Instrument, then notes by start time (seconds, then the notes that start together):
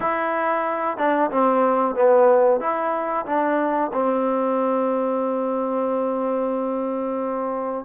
trombone
0.00 E4
0.97 D4
1.30 C4
1.95 B3
2.60 E4
3.26 D4
3.93 C4